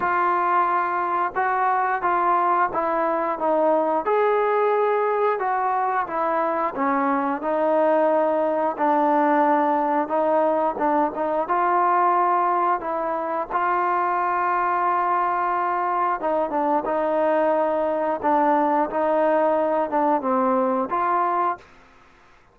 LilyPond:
\new Staff \with { instrumentName = "trombone" } { \time 4/4 \tempo 4 = 89 f'2 fis'4 f'4 | e'4 dis'4 gis'2 | fis'4 e'4 cis'4 dis'4~ | dis'4 d'2 dis'4 |
d'8 dis'8 f'2 e'4 | f'1 | dis'8 d'8 dis'2 d'4 | dis'4. d'8 c'4 f'4 | }